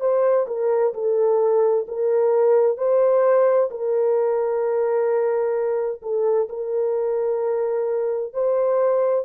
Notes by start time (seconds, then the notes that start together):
0.00 C5
0.47 A#4
0.94 A4
1.88 A#4
2.77 C5
3.70 A#4
6.02 A4
6.49 A#4
8.33 C5